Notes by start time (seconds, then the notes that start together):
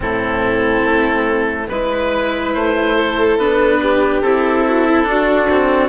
0.00 A2 C4 E4 A4
0.84 A3
1.68 G#3 E4 B4
2.53 A3 C5
2.95 A4
3.37 B3 D4 B4
3.81 G4
4.21 C4 E4 A4
4.66 F#4
4.88 E4
5.03 D4
5.10 F#4
5.50 C4